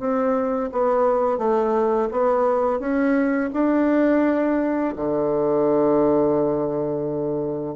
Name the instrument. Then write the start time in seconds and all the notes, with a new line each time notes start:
bassoon
0.00 C4
0.73 B3
1.38 A3
2.12 B3
2.80 C#4
3.54 D4
4.97 D3